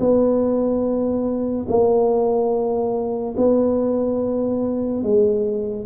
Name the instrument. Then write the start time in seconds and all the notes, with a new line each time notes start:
tuba
0.00 B3
1.69 A#3
3.37 B3
5.03 G#3